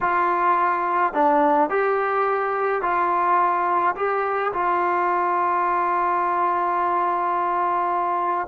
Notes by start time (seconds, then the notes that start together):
0.01 F4
1.13 D4
1.69 G4
2.81 F4
3.95 G4
4.53 F4